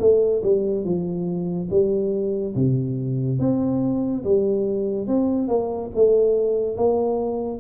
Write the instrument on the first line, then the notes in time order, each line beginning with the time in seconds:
tuba
0.00 A3
0.43 G3
0.85 F3
1.70 G3
2.55 C3
3.39 C4
4.24 G3
5.07 C4
5.48 A#3
5.95 A3
6.76 A#3